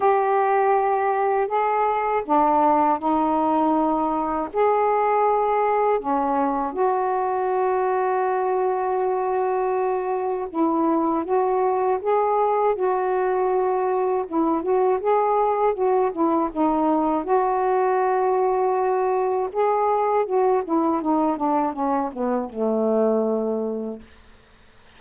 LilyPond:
\new Staff \with { instrumentName = "saxophone" } { \time 4/4 \tempo 4 = 80 g'2 gis'4 d'4 | dis'2 gis'2 | cis'4 fis'2.~ | fis'2 e'4 fis'4 |
gis'4 fis'2 e'8 fis'8 | gis'4 fis'8 e'8 dis'4 fis'4~ | fis'2 gis'4 fis'8 e'8 | dis'8 d'8 cis'8 b8 a2 | }